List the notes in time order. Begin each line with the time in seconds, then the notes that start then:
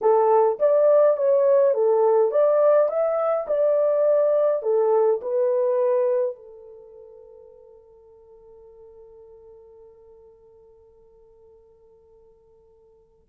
0.01 A4
0.59 D5
1.16 C#5
1.73 A4
2.31 D5
2.88 E5
3.47 D5
4.62 A4
5.21 B4
6.35 A4